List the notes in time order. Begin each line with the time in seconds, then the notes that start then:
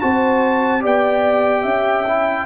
0.00 C4 F#4 C5 A5
0.81 B3 G4 D5 G5
1.62 C#4 E5
2.07 E4